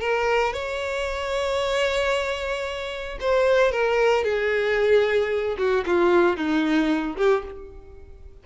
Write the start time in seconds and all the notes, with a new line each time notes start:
0.00 A#4
0.53 C#5
3.20 C5
3.72 A#4
4.24 G#4
5.58 F#4
5.86 F4
6.37 D#4
7.17 G4